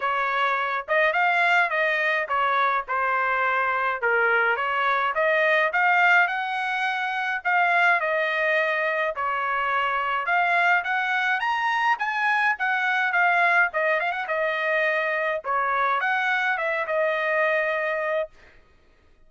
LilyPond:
\new Staff \with { instrumentName = "trumpet" } { \time 4/4 \tempo 4 = 105 cis''4. dis''8 f''4 dis''4 | cis''4 c''2 ais'4 | cis''4 dis''4 f''4 fis''4~ | fis''4 f''4 dis''2 |
cis''2 f''4 fis''4 | ais''4 gis''4 fis''4 f''4 | dis''8 f''16 fis''16 dis''2 cis''4 | fis''4 e''8 dis''2~ dis''8 | }